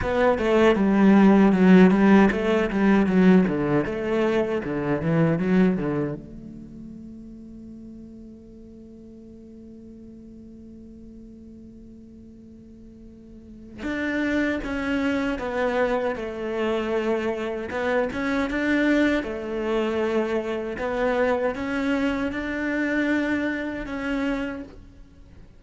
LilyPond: \new Staff \with { instrumentName = "cello" } { \time 4/4 \tempo 4 = 78 b8 a8 g4 fis8 g8 a8 g8 | fis8 d8 a4 d8 e8 fis8 d8 | a1~ | a1~ |
a2 d'4 cis'4 | b4 a2 b8 cis'8 | d'4 a2 b4 | cis'4 d'2 cis'4 | }